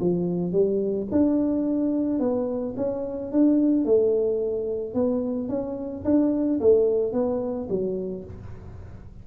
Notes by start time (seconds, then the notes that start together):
0.00 F3
0.52 G3
1.11 D4
2.19 B3
2.76 C#4
3.32 D4
3.85 A3
4.94 B3
5.48 C#4
6.05 D4
6.60 A3
7.13 B3
7.69 F#3